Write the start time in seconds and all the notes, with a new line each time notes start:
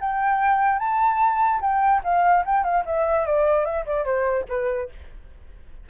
0.00 G5
0.79 A5
1.61 G5
2.03 F5
2.45 G5
2.64 F5
2.85 E5
3.25 D5
3.65 E5
3.86 D5
4.04 C5
4.49 B4